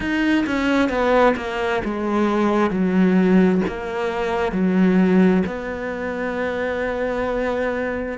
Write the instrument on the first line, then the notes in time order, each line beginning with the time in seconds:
cello
0.00 D#4
0.46 C#4
0.89 B3
1.36 A#3
1.84 G#3
2.70 F#3
3.67 A#3
4.52 F#3
5.46 B3